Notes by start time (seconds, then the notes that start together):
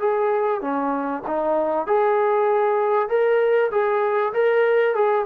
0.00 G#4
0.61 C#4
1.27 D#4
1.87 G#4
3.09 A#4
3.71 G#4
4.34 A#4
4.95 G#4